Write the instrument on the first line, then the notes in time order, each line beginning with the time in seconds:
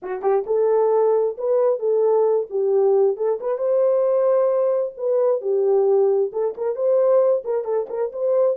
horn
0.02 F#4
0.22 G4
0.46 A4
1.37 B4
1.79 A4
2.50 G4
3.16 A4
3.40 B4
3.58 C5
4.97 B4
5.41 G4
6.32 A4
6.57 A#4
6.75 C5
7.44 A#4
7.64 A4
7.89 A#4
8.12 C5